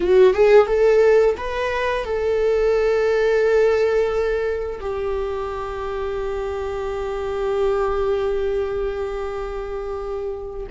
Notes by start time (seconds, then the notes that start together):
0.00 F#4
0.33 G#4
0.66 A4
1.37 B4
2.04 A4
4.80 G4